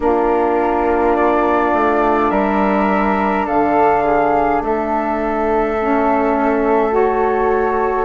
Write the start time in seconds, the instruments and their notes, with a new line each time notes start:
0.00 bassoon A#3, saxophone D4, flute F4 A#4
1.16 flute D5
1.73 bassoon A3
2.30 bassoon G3, flute A#4 E5
3.45 bassoon D3, flute A4 F5
4.04 flute G#4
4.61 bassoon A3, flute A4 E5
5.79 saxophone C#4
6.90 saxophone F#4, flute C#5